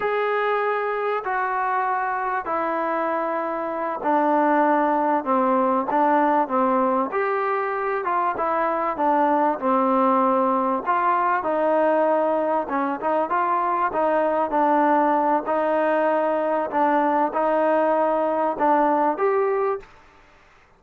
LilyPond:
\new Staff \with { instrumentName = "trombone" } { \time 4/4 \tempo 4 = 97 gis'2 fis'2 | e'2~ e'8 d'4.~ | d'8 c'4 d'4 c'4 g'8~ | g'4 f'8 e'4 d'4 c'8~ |
c'4. f'4 dis'4.~ | dis'8 cis'8 dis'8 f'4 dis'4 d'8~ | d'4 dis'2 d'4 | dis'2 d'4 g'4 | }